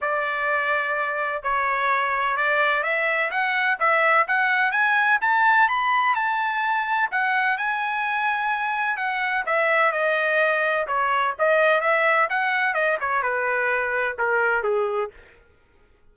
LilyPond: \new Staff \with { instrumentName = "trumpet" } { \time 4/4 \tempo 4 = 127 d''2. cis''4~ | cis''4 d''4 e''4 fis''4 | e''4 fis''4 gis''4 a''4 | b''4 a''2 fis''4 |
gis''2. fis''4 | e''4 dis''2 cis''4 | dis''4 e''4 fis''4 dis''8 cis''8 | b'2 ais'4 gis'4 | }